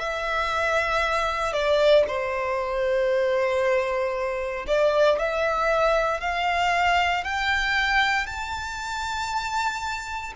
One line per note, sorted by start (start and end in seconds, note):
0.00 1.53 E5
1.53 2.05 D5
2.08 4.66 C5
4.68 5.19 D5
5.19 6.21 E5
6.21 7.25 F5
7.25 8.27 G5
8.27 10.34 A5